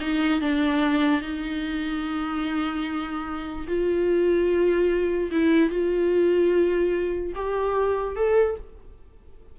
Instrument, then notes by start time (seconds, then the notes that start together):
viola
0.00 D#4
0.41 D4
1.21 D#4
3.67 F4
5.31 E4
5.70 F4
7.35 G4
8.16 A4